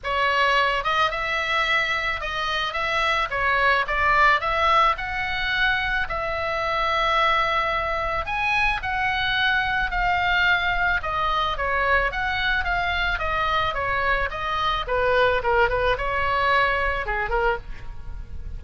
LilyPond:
\new Staff \with { instrumentName = "oboe" } { \time 4/4 \tempo 4 = 109 cis''4. dis''8 e''2 | dis''4 e''4 cis''4 d''4 | e''4 fis''2 e''4~ | e''2. gis''4 |
fis''2 f''2 | dis''4 cis''4 fis''4 f''4 | dis''4 cis''4 dis''4 b'4 | ais'8 b'8 cis''2 gis'8 ais'8 | }